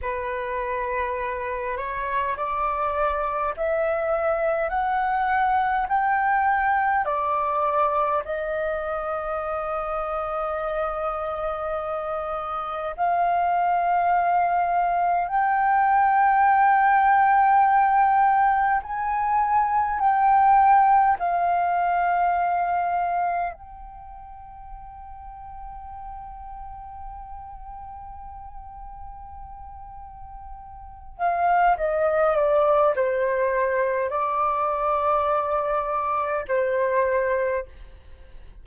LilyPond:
\new Staff \with { instrumentName = "flute" } { \time 4/4 \tempo 4 = 51 b'4. cis''8 d''4 e''4 | fis''4 g''4 d''4 dis''4~ | dis''2. f''4~ | f''4 g''2. |
gis''4 g''4 f''2 | g''1~ | g''2~ g''8 f''8 dis''8 d''8 | c''4 d''2 c''4 | }